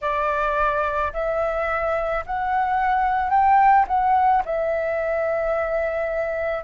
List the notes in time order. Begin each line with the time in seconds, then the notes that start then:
0.01 D5
1.13 E5
2.26 F#5
3.30 G5
3.87 F#5
4.45 E5